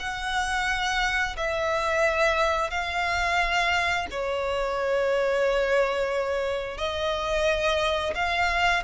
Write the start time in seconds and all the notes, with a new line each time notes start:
0.00 F#5
1.37 E5
2.71 F5
4.11 C#5
6.78 D#5
8.15 F5